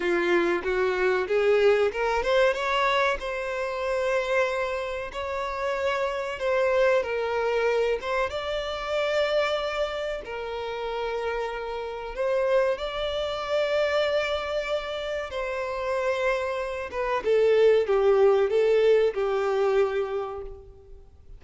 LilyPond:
\new Staff \with { instrumentName = "violin" } { \time 4/4 \tempo 4 = 94 f'4 fis'4 gis'4 ais'8 c''8 | cis''4 c''2. | cis''2 c''4 ais'4~ | ais'8 c''8 d''2. |
ais'2. c''4 | d''1 | c''2~ c''8 b'8 a'4 | g'4 a'4 g'2 | }